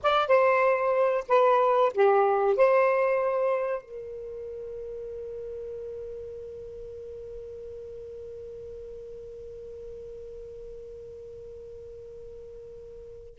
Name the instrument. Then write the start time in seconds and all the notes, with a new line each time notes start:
saxophone
0.02 D5
0.28 C5
1.28 B4
1.94 G4
2.56 C5
3.82 A#4